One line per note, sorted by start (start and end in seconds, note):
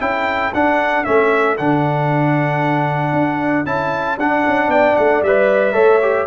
0.00 0.53 C#4
0.00 0.52 E4
0.00 4.70 A4
0.00 0.53 G5
0.54 1.07 D4
0.54 1.05 D4
0.54 1.04 F#5
1.04 1.59 A3
1.04 1.57 C#4
1.04 1.57 E5
1.58 3.13 D3
1.58 3.66 D4
1.58 3.66 F#5
3.13 3.65 D4
3.66 4.18 C#4
3.66 4.18 E4
3.66 4.18 A5
4.18 4.44 D4
4.18 5.25 D4
4.18 4.71 F#5
4.48 4.68 C#4
4.68 4.94 B3
4.68 5.74 D5
4.68 4.97 G5
4.97 5.23 A3
4.97 5.23 F#5
5.23 5.75 G3
5.23 5.73 B4
5.23 6.27 E5
5.73 6.27 A3
5.73 5.99 A4
5.73 6.26 C#5
6.02 6.27 G4